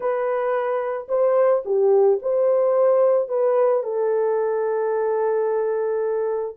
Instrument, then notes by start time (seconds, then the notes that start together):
horn
0.00 B4
1.08 C5
1.65 G4
2.21 C5
3.28 B4
3.83 A4